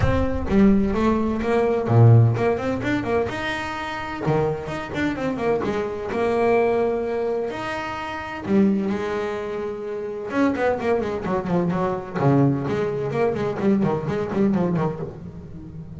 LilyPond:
\new Staff \with { instrumentName = "double bass" } { \time 4/4 \tempo 4 = 128 c'4 g4 a4 ais4 | ais,4 ais8 c'8 d'8 ais8 dis'4~ | dis'4 dis4 dis'8 d'8 c'8 ais8 | gis4 ais2. |
dis'2 g4 gis4~ | gis2 cis'8 b8 ais8 gis8 | fis8 f8 fis4 cis4 gis4 | ais8 gis8 g8 dis8 gis8 g8 f8 dis8 | }